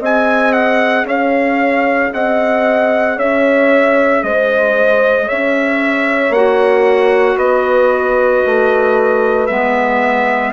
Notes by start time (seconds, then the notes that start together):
0.00 C4 G#4 D#5 G#5
0.53 F#5
1.04 C#4 C#5 F5
2.13 C4 D#5 F#5
3.17 C#4 C#5 E5
4.23 G#3 C5 D#5
5.26 C#4 C#5 E5
6.30 A#3 F#4 F#5
7.36 B3 B4 D#5
8.46 A3
9.47 G#3 B3 E5